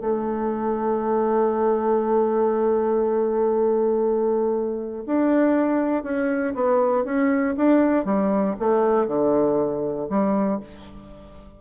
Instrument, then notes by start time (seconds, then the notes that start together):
bassoon
0.00 A3
5.06 D4
6.03 C#4
6.54 B3
7.04 C#4
7.57 D4
8.05 G3
8.59 A3
9.07 D3
10.09 G3